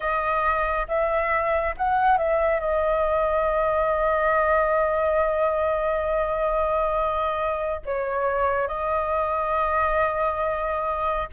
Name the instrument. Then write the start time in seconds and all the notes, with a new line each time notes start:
flute
0.00 D#5
0.87 E5
1.77 F#5
2.17 E5
2.59 D#5
7.85 C#5
8.67 D#5